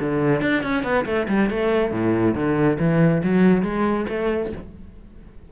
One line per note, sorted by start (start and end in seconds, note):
0.00 0.41 D3
0.41 0.62 D4
0.63 0.83 C#4
0.83 1.05 B3
1.05 1.27 A3
1.28 1.49 G3
1.49 1.91 A3
1.91 2.34 A2
2.34 2.77 D3
2.79 3.22 E3
3.23 3.62 F#3
3.62 4.05 G#3
4.09 4.52 A3